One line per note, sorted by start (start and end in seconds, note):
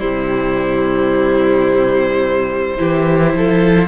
0.00 2.79 C3
0.00 2.78 G3
0.00 2.78 E4
0.00 3.88 C5
2.78 3.34 E3
2.78 3.88 E4
2.78 3.35 G4
3.34 3.88 F3
3.34 3.88 A4